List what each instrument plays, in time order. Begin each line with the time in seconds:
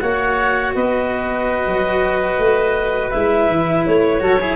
0.00 tuba A#3, cello F#4, oboe C#5, clarinet F#5
0.75 tuba B3, oboe B4, clarinet D#5
1.67 tuba F#3
2.38 tuba A3
3.11 tuba G#3, cello E4, clarinet E5
3.48 tuba E3
3.86 tuba A3, clarinet C#5
4.20 tuba F#3, cello F#4, oboe A4
4.41 cello E4, oboe G#4